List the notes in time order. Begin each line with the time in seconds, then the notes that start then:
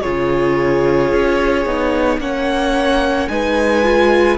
0.00 C#3 F4 G#4 C#5
1.12 C#4
1.65 B3 D#4
2.18 A#3 C#4 C#5 F#5
3.28 G#3 D#4 B4 G#5
3.84 F4